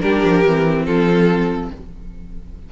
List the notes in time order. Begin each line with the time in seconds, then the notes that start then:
0.00 G3 D4 G4 A#4
0.24 F3
0.46 E3 C4
0.86 F3 F4 A4